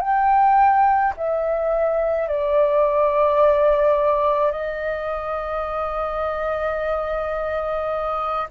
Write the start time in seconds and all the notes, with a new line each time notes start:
0.00 G5
1.17 E5
2.28 D5
4.51 D#5